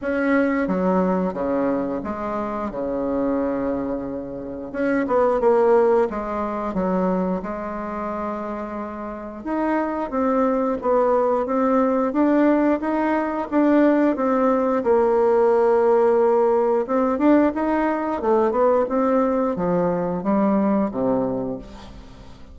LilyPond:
\new Staff \with { instrumentName = "bassoon" } { \time 4/4 \tempo 4 = 89 cis'4 fis4 cis4 gis4 | cis2. cis'8 b8 | ais4 gis4 fis4 gis4~ | gis2 dis'4 c'4 |
b4 c'4 d'4 dis'4 | d'4 c'4 ais2~ | ais4 c'8 d'8 dis'4 a8 b8 | c'4 f4 g4 c4 | }